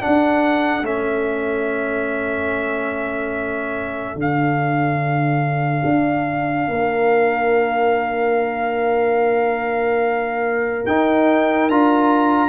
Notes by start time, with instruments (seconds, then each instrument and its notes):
0.00 trombone D4, horn A4, trumpet F#5
0.07 tuba D4
0.82 tuba A3, trombone C#4, trumpet E5
4.16 tuba D3, trombone D4, trumpet F5
5.85 tuba D4
6.68 tuba A#3, horn A#4
10.86 tuba D#4, trombone D#4, trumpet G5
11.70 tuba D4, trombone F4, trumpet A#5